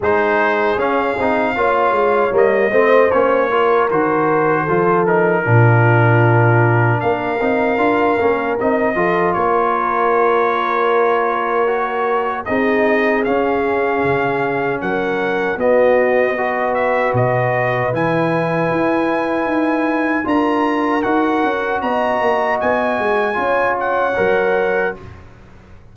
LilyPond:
<<
  \new Staff \with { instrumentName = "trumpet" } { \time 4/4 \tempo 4 = 77 c''4 f''2 dis''4 | cis''4 c''4. ais'4.~ | ais'4 f''2 dis''4 | cis''1 |
dis''4 f''2 fis''4 | dis''4. e''8 dis''4 gis''4~ | gis''2 ais''4 fis''4 | ais''4 gis''4. fis''4. | }
  \new Staff \with { instrumentName = "horn" } { \time 4/4 gis'2 cis''4. c''8~ | c''8 ais'4. a'4 f'4~ | f'4 ais'2~ ais'8 a'8 | ais'1 |
gis'2. ais'4 | fis'4 b'2.~ | b'2 ais'2 | dis''2 cis''2 | }
  \new Staff \with { instrumentName = "trombone" } { \time 4/4 dis'4 cis'8 dis'8 f'4 ais8 c'8 | cis'8 f'8 fis'4 f'8 dis'8 d'4~ | d'4. dis'8 f'8 cis'8 dis'8 f'8~ | f'2. fis'4 |
dis'4 cis'2. | b4 fis'2 e'4~ | e'2 f'4 fis'4~ | fis'2 f'4 ais'4 | }
  \new Staff \with { instrumentName = "tuba" } { \time 4/4 gis4 cis'8 c'8 ais8 gis8 g8 a8 | ais4 dis4 f4 ais,4~ | ais,4 ais8 c'8 d'8 ais8 c'8 f8 | ais1 |
c'4 cis'4 cis4 fis4 | b2 b,4 e4 | e'4 dis'4 d'4 dis'8 cis'8 | b8 ais8 b8 gis8 cis'4 fis4 | }
>>